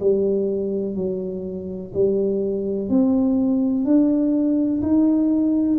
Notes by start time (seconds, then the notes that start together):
0.00 G3
0.95 F#3
1.94 G3
2.89 C4
3.85 D4
4.82 D#4